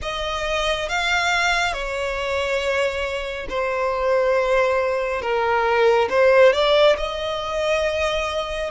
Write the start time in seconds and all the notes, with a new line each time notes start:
0.02 D#5
0.88 F5
1.73 C#5
3.49 C5
5.21 A#4
6.09 C5
6.53 D5
6.97 D#5